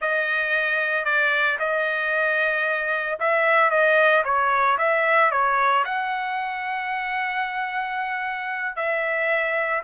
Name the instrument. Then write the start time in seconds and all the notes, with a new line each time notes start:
trumpet
0.01 D#5
1.05 D5
1.59 D#5
3.19 E5
3.70 D#5
4.24 C#5
4.78 E5
5.31 C#5
5.84 F#5
8.76 E5